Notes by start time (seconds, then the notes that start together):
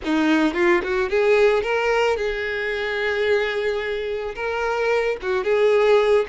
0.04 D#4
0.54 F4
0.83 F#4
1.09 G#4
1.62 A#4
2.16 G#4
4.35 A#4
5.22 F#4
5.43 G#4